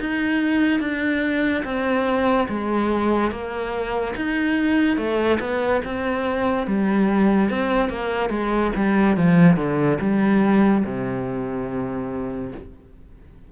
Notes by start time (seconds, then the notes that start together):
0.00 D#4
0.80 D4
1.64 C4
2.49 G#3
3.31 A#3
4.16 D#4
4.97 A3
5.40 B3
5.84 C4
6.66 G3
7.50 C4
7.89 A#3
8.30 G#3
8.75 G3
9.17 F3
9.56 D3
10.00 G3
10.84 C3